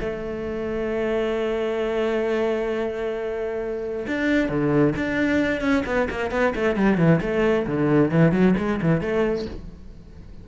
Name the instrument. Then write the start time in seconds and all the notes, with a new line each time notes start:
cello
0.00 A3
4.07 D4
4.49 D3
4.96 D4
5.61 C#4
5.85 B3
6.10 A#3
6.31 B3
6.55 A3
6.76 G3
6.98 E3
7.21 A3
7.66 D3
8.11 E3
8.32 F#3
8.58 G#3
8.81 E3
9.01 A3